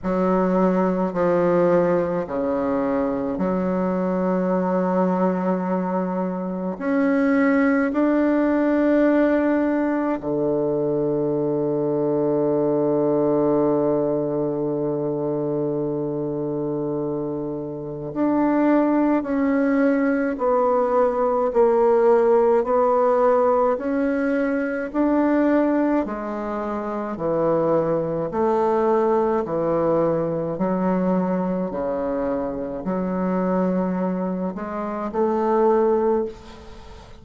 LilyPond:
\new Staff \with { instrumentName = "bassoon" } { \time 4/4 \tempo 4 = 53 fis4 f4 cis4 fis4~ | fis2 cis'4 d'4~ | d'4 d2.~ | d1 |
d'4 cis'4 b4 ais4 | b4 cis'4 d'4 gis4 | e4 a4 e4 fis4 | cis4 fis4. gis8 a4 | }